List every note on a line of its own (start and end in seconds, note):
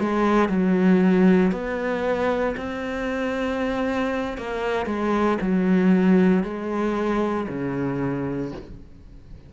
0.00 0.49 G#3
0.49 1.52 F#3
1.52 2.55 B3
2.57 4.38 C4
4.38 4.86 A#3
4.86 5.38 G#3
5.42 6.44 F#3
6.44 7.48 G#3
7.49 8.52 C#3